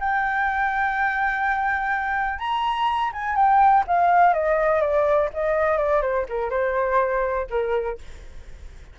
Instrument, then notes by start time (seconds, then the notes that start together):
flute
0.00 G5
2.39 A#5
3.13 G#5
3.36 G5
3.87 F5
4.34 D#5
4.81 D5
5.34 D#5
5.78 D5
6.02 C5
6.29 A#4
6.50 C5
7.50 A#4